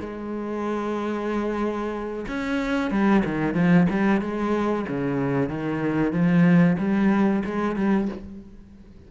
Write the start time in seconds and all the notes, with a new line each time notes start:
0.00 G#3
2.28 C#4
2.91 G3
3.25 D#3
3.55 F3
3.90 G3
4.21 G#3
4.89 C#3
5.49 D#3
6.12 F3
6.79 G3
7.45 G#3
7.76 G3